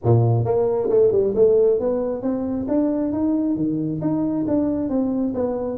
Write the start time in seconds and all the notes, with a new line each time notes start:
0.03 A#2
0.44 A#3
0.89 A3
1.11 G3
1.35 A3
1.79 B3
2.22 C4
2.68 D4
3.12 D#4
3.56 D#3
4.01 D#4
4.47 D4
4.89 C4
5.34 B3